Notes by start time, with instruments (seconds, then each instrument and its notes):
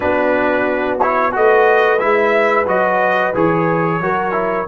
0.00 tuba B3, trombone D4, horn F#4, trumpet B4
1.00 trombone E4, trumpet C#5
1.32 tuba A3, trombone F#4, horn B4, trumpet D#5
1.99 tuba G#3, trombone E4, trumpet E5
2.66 tuba F#3, trombone F#4, trumpet D#5
3.34 tuba E3, trombone G#4, trumpet C#5
4.00 tuba F#3, trombone F#4, horn A#4
4.32 trombone E4